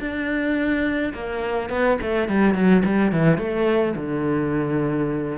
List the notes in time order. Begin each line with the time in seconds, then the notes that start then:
0.00 D4
1.14 A#3
1.70 B3
2.01 A3
2.28 G3
2.54 F#3
2.85 G3
3.12 E3
3.38 A3
3.96 D3